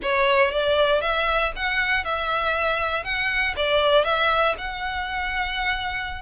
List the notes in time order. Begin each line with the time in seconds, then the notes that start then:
0.02 C#5
0.51 D5
1.01 E5
1.55 F#5
2.04 E5
3.04 F#5
3.56 D5
4.04 E5
4.58 F#5